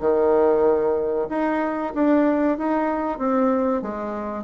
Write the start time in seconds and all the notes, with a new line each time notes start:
0.00 D#3
1.29 D#4
1.94 D4
2.58 D#4
3.18 C4
3.82 G#3